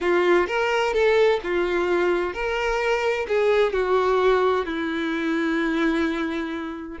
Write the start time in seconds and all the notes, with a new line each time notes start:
0.00 F4
0.47 A#4
0.93 A4
1.43 F4
2.33 A#4
3.28 G#4
3.73 F#4
4.65 E4